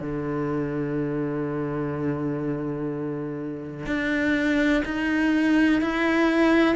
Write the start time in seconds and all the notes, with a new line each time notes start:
0.00 D3
3.86 D4
4.85 D#4
5.81 E4